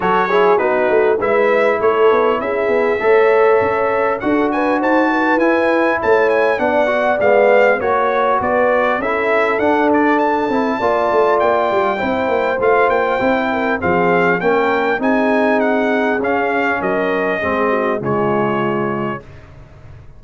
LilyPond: <<
  \new Staff \with { instrumentName = "trumpet" } { \time 4/4 \tempo 4 = 100 cis''4 b'4 e''4 cis''4 | e''2. fis''8 gis''8 | a''4 gis''4 a''8 gis''8 fis''4 | f''4 cis''4 d''4 e''4 |
fis''8 d''8 a''2 g''4~ | g''4 f''8 g''4. f''4 | g''4 gis''4 fis''4 f''4 | dis''2 cis''2 | }
  \new Staff \with { instrumentName = "horn" } { \time 4/4 a'8 gis'8 fis'4 b'4 a'4 | gis'4 cis''2 a'8 b'8 | c''8 b'4. cis''4 d''4~ | d''4 cis''4 b'4 a'4~ |
a'2 d''2 | c''2~ c''8 ais'8 gis'4 | ais'4 gis'2. | ais'4 gis'8 fis'8 f'2 | }
  \new Staff \with { instrumentName = "trombone" } { \time 4/4 fis'8 e'8 dis'4 e'2~ | e'4 a'2 fis'4~ | fis'4 e'2 d'8 fis'8 | b4 fis'2 e'4 |
d'4. e'8 f'2 | e'4 f'4 e'4 c'4 | cis'4 dis'2 cis'4~ | cis'4 c'4 gis2 | }
  \new Staff \with { instrumentName = "tuba" } { \time 4/4 fis4 b8 a8 gis4 a8 b8 | cis'8 b8 a4 cis'4 d'4 | dis'4 e'4 a4 b4 | gis4 ais4 b4 cis'4 |
d'4. c'8 ais8 a8 ais8 g8 | c'8 ais8 a8 ais8 c'4 f4 | ais4 c'2 cis'4 | fis4 gis4 cis2 | }
>>